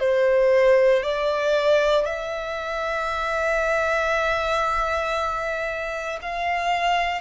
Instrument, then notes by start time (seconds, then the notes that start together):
violin
0.00 C5
1.03 D5
2.06 E5
6.22 F5